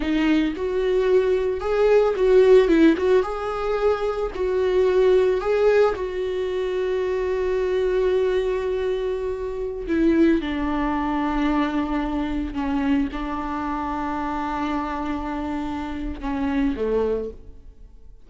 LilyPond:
\new Staff \with { instrumentName = "viola" } { \time 4/4 \tempo 4 = 111 dis'4 fis'2 gis'4 | fis'4 e'8 fis'8 gis'2 | fis'2 gis'4 fis'4~ | fis'1~ |
fis'2~ fis'16 e'4 d'8.~ | d'2.~ d'16 cis'8.~ | cis'16 d'2.~ d'8.~ | d'2 cis'4 a4 | }